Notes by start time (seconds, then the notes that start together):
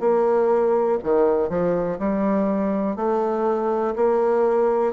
0.00 A#3
1.03 D#3
1.49 F3
1.99 G3
2.96 A3
3.96 A#3